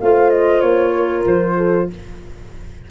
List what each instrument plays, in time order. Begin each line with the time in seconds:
0.00 tuba A3, clarinet F4, horn C5, flute F5
0.30 flute D#5
0.60 tuba A#3, flute C#5
0.94 horn A#4
1.26 tuba F3, flute C5
1.57 horn A4